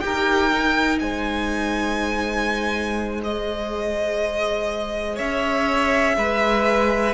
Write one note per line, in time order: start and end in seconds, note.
0.00 1.01 D#4
0.00 0.51 G4
0.00 1.01 A#4
0.00 0.98 G5
0.53 3.22 D#4
1.00 5.19 G#3
1.00 5.16 C5
1.00 3.21 G#5
3.22 7.14 G#4
3.22 5.18 D#5
5.16 6.17 C#4
5.16 6.14 C#5
5.16 7.14 E5
6.17 7.14 G#3
6.17 7.14 B4